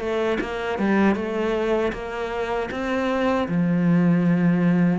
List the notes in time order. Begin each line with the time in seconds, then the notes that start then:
0.00 A3
0.41 A#3
0.79 G3
1.16 A3
1.93 A#3
2.71 C4
3.49 F3